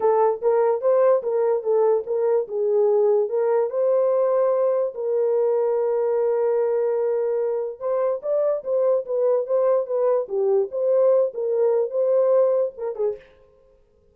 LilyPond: \new Staff \with { instrumentName = "horn" } { \time 4/4 \tempo 4 = 146 a'4 ais'4 c''4 ais'4 | a'4 ais'4 gis'2 | ais'4 c''2. | ais'1~ |
ais'2. c''4 | d''4 c''4 b'4 c''4 | b'4 g'4 c''4. ais'8~ | ais'4 c''2 ais'8 gis'8 | }